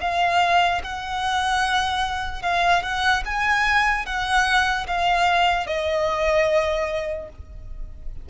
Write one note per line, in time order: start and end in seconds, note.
0.00 0.81 F5
0.83 2.42 F#5
2.42 2.82 F5
2.82 3.23 F#5
3.25 4.05 G#5
4.05 4.86 F#5
4.87 5.66 F5
5.66 7.29 D#5